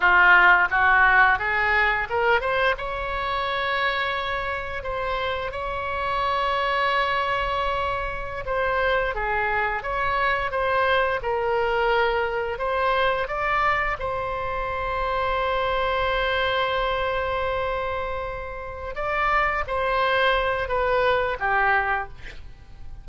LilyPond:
\new Staff \with { instrumentName = "oboe" } { \time 4/4 \tempo 4 = 87 f'4 fis'4 gis'4 ais'8 c''8 | cis''2. c''4 | cis''1~ | cis''16 c''4 gis'4 cis''4 c''8.~ |
c''16 ais'2 c''4 d''8.~ | d''16 c''2.~ c''8.~ | c''2.~ c''8 d''8~ | d''8 c''4. b'4 g'4 | }